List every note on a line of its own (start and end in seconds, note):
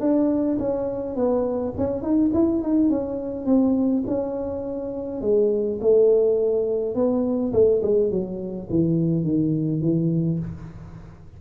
0.00 0.58 D4
0.59 1.16 C#4
1.16 1.74 B3
1.78 2.02 C#4
2.02 2.31 D#4
2.34 2.62 E4
2.62 2.90 D#4
2.90 3.46 C#4
3.46 4.03 C4
4.07 5.21 C#4
5.21 5.79 G#3
5.81 6.95 A3
6.95 7.52 B3
7.53 7.81 A3
7.83 8.10 G#3
8.10 8.68 F#3
8.70 9.24 E3
9.24 9.81 D#3
9.81 10.39 E3